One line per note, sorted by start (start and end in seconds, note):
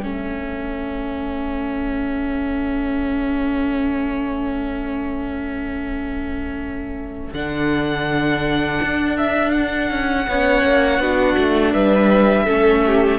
0.00 7.32 A3
0.00 7.34 C#4
0.00 10.28 A4
0.00 7.34 E5
7.33 8.80 D3
7.33 10.28 D4
7.33 9.17 F#5
8.83 9.91 D4
9.18 9.52 E5
9.52 11.71 F#5
9.91 10.27 C#4
10.28 10.63 B3
10.28 11.01 C#4
10.28 11.02 C#5
10.63 10.99 A#3
10.99 11.36 B3
10.99 12.47 D4
10.99 11.73 F#4
11.38 11.74 A3
11.73 12.47 G3
11.73 12.44 B4
11.73 13.19 E5
12.44 13.19 A3
12.44 13.19 C#4
12.44 12.81 A4
12.86 13.19 G4